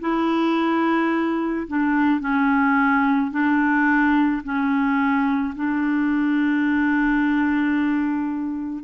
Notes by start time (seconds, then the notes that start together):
0.00 E4
1.67 D4
2.20 C#4
3.31 D4
4.43 C#4
5.56 D4